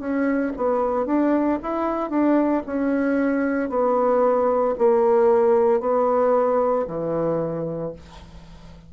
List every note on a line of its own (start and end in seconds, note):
0.00 0.53 C#4
0.57 1.06 B3
1.06 1.59 D4
1.63 2.11 E4
2.11 2.63 D4
2.67 3.70 C#4
3.70 4.75 B3
4.79 5.81 A#3
5.81 6.86 B3
6.88 7.93 E3